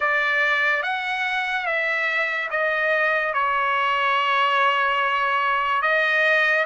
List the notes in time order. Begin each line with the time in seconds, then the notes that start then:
0.00 D5
0.83 F#5
1.66 E5
2.50 D#5
3.33 C#5
5.81 D#5